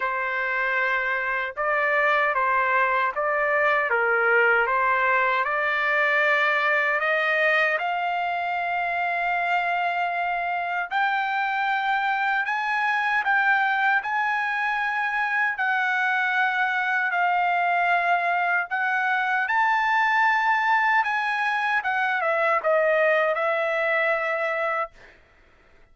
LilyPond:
\new Staff \with { instrumentName = "trumpet" } { \time 4/4 \tempo 4 = 77 c''2 d''4 c''4 | d''4 ais'4 c''4 d''4~ | d''4 dis''4 f''2~ | f''2 g''2 |
gis''4 g''4 gis''2 | fis''2 f''2 | fis''4 a''2 gis''4 | fis''8 e''8 dis''4 e''2 | }